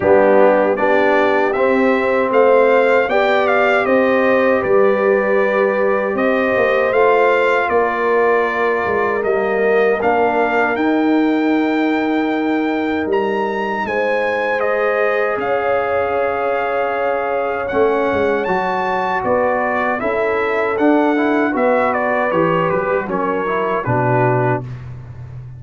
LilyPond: <<
  \new Staff \with { instrumentName = "trumpet" } { \time 4/4 \tempo 4 = 78 g'4 d''4 e''4 f''4 | g''8 f''8 dis''4 d''2 | dis''4 f''4 d''2 | dis''4 f''4 g''2~ |
g''4 ais''4 gis''4 dis''4 | f''2. fis''4 | a''4 d''4 e''4 fis''4 | e''8 d''8 cis''8 b'8 cis''4 b'4 | }
  \new Staff \with { instrumentName = "horn" } { \time 4/4 d'4 g'2 c''4 | d''4 c''4 b'2 | c''2 ais'2~ | ais'1~ |
ais'2 c''2 | cis''1~ | cis''4 b'4 a'2 | b'2 ais'4 fis'4 | }
  \new Staff \with { instrumentName = "trombone" } { \time 4/4 b4 d'4 c'2 | g'1~ | g'4 f'2. | ais4 d'4 dis'2~ |
dis'2. gis'4~ | gis'2. cis'4 | fis'2 e'4 d'8 e'8 | fis'4 g'4 cis'8 e'8 d'4 | }
  \new Staff \with { instrumentName = "tuba" } { \time 4/4 g4 b4 c'4 a4 | b4 c'4 g2 | c'8 ais8 a4 ais4. gis8 | g4 ais4 dis'2~ |
dis'4 g4 gis2 | cis'2. a8 gis8 | fis4 b4 cis'4 d'4 | b4 e8 fis16 g16 fis4 b,4 | }
>>